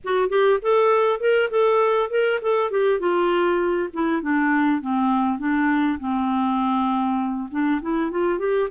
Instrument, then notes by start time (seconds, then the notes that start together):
clarinet
0.04 F#4
0.29 G4
0.62 A4
1.20 A#4
1.50 A4
2.10 A#4
2.41 A4
2.70 G4
2.99 F4
3.93 E4
4.22 D4
4.81 C4
5.38 D4
5.99 C4
7.50 D4
7.81 E4
8.10 F4
8.38 G4